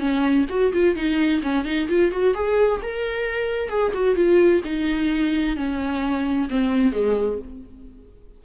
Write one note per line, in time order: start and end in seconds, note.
0.00 0.46 C#4
0.50 0.73 F#4
0.73 0.96 F4
0.96 1.42 D#4
1.43 1.65 C#4
1.65 1.88 D#4
1.89 2.12 F4
2.12 2.35 F#4
2.35 2.81 G#4
2.82 3.69 A#4
3.69 3.93 G#4
3.95 4.16 F#4
4.16 4.62 F4
4.65 5.57 D#4
5.57 6.49 C#4
6.50 6.93 C4
6.93 7.39 G#3